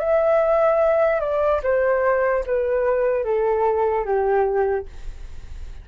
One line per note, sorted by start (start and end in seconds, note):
0.00 1.21 E5
1.21 1.61 D5
1.64 2.45 C5
2.47 3.25 B4
3.25 4.05 A4
4.05 4.86 G4